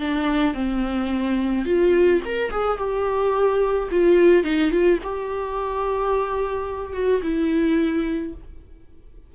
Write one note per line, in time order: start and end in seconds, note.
0.00 0.54 D4
0.54 1.65 C4
1.65 2.21 F4
2.25 2.51 A#4
2.51 2.78 G#4
2.78 3.89 G4
3.91 4.44 F4
4.44 4.71 D#4
4.71 4.99 F4
5.03 6.93 G4
6.93 7.21 F#4
7.22 8.33 E4